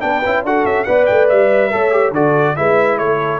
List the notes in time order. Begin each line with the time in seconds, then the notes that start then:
0.00 B3 D4 B4 G5
0.25 C#4 E4
0.43 D4 F#4 A4 F#5
0.64 C#4 E5
0.84 B3 B4 D5 F#5
1.05 A3 G5
1.28 G3 E5
1.71 A3 A4 C#5
1.91 G4
2.11 D3 F#4 A4 D5
2.56 G#3 E4 B4 E5
2.98 A3 A4 C#5